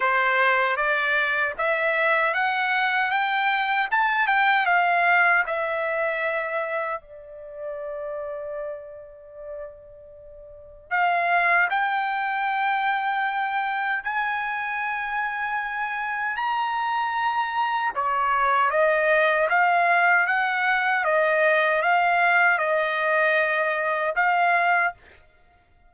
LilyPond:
\new Staff \with { instrumentName = "trumpet" } { \time 4/4 \tempo 4 = 77 c''4 d''4 e''4 fis''4 | g''4 a''8 g''8 f''4 e''4~ | e''4 d''2.~ | d''2 f''4 g''4~ |
g''2 gis''2~ | gis''4 ais''2 cis''4 | dis''4 f''4 fis''4 dis''4 | f''4 dis''2 f''4 | }